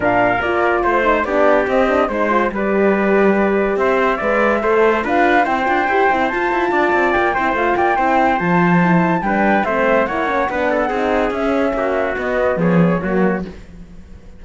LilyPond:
<<
  \new Staff \with { instrumentName = "flute" } { \time 4/4 \tempo 4 = 143 f''4 d''4 c''4 d''4 | dis''4 c''4 d''2~ | d''4 e''2. | f''4 g''2 a''4~ |
a''4 g''4 f''8 g''4. | a''2 g''4 e''4 | fis''2. e''4~ | e''4 dis''4 cis''2 | }
  \new Staff \with { instrumentName = "trumpet" } { \time 4/4 ais'2 c''4 g'4~ | g'4 c''4 b'2~ | b'4 c''4 d''4 c''4 | b'4 c''2. |
d''4. c''4 d''8 c''4~ | c''2 b'4 c''4 | cis''4 b'8 a'8 gis'2 | fis'2 gis'4 fis'4 | }
  \new Staff \with { instrumentName = "horn" } { \time 4/4 d'4 f'4. dis'8 d'4 | c'8 d'8 dis'8 f'8 g'2~ | g'2 b'4 a'4 | f'4 e'8 f'8 g'8 e'8 f'4~ |
f'4. e'8 f'4 e'4 | f'4 e'4 d'4 c'4 | e'8 cis'8 d'4 dis'4 cis'4~ | cis'4 b2 ais4 | }
  \new Staff \with { instrumentName = "cello" } { \time 4/4 ais,4 ais4 a4 b4 | c'4 gis4 g2~ | g4 c'4 gis4 a4 | d'4 c'8 d'8 e'8 c'8 f'8 e'8 |
d'8 c'8 ais8 c'8 a8 ais8 c'4 | f2 g4 a4 | ais4 b4 c'4 cis'4 | ais4 b4 f4 fis4 | }
>>